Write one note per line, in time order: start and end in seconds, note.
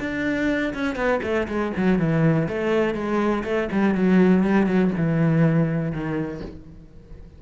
0.00 0.74 D4
0.74 0.96 C#4
0.96 1.20 B3
1.23 1.48 A3
1.48 1.73 G#3
1.77 1.99 F#3
1.99 2.48 E3
2.49 2.94 A3
2.94 3.44 G#3
3.44 3.69 A3
3.72 3.95 G3
3.95 4.44 F#3
4.44 4.67 G3
4.67 4.91 F#3
4.97 5.92 E3
5.92 6.41 D#3